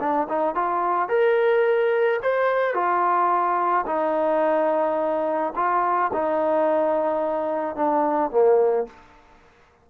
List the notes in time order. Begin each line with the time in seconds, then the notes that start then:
0.00 D4
0.29 D#4
0.55 F4
1.09 A#4
2.22 C5
2.74 F4
3.87 D#4
5.56 F4
6.13 D#4
7.76 D4
8.31 A#3